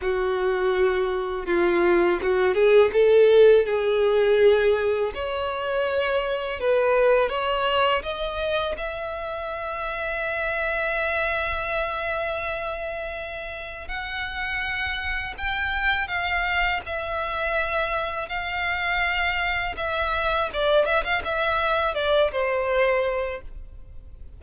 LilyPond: \new Staff \with { instrumentName = "violin" } { \time 4/4 \tempo 4 = 82 fis'2 f'4 fis'8 gis'8 | a'4 gis'2 cis''4~ | cis''4 b'4 cis''4 dis''4 | e''1~ |
e''2. fis''4~ | fis''4 g''4 f''4 e''4~ | e''4 f''2 e''4 | d''8 e''16 f''16 e''4 d''8 c''4. | }